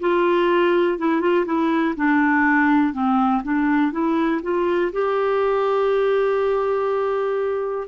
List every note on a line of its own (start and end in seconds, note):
0.00 0.98 F4
0.98 1.21 E4
1.21 1.45 F4
1.46 1.95 E4
1.96 2.94 D4
2.94 3.43 C4
3.43 3.92 D4
3.92 4.41 E4
4.43 4.92 F4
4.93 7.88 G4